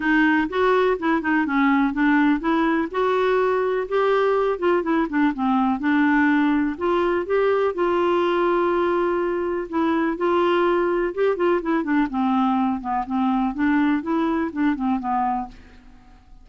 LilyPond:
\new Staff \with { instrumentName = "clarinet" } { \time 4/4 \tempo 4 = 124 dis'4 fis'4 e'8 dis'8 cis'4 | d'4 e'4 fis'2 | g'4. f'8 e'8 d'8 c'4 | d'2 f'4 g'4 |
f'1 | e'4 f'2 g'8 f'8 | e'8 d'8 c'4. b8 c'4 | d'4 e'4 d'8 c'8 b4 | }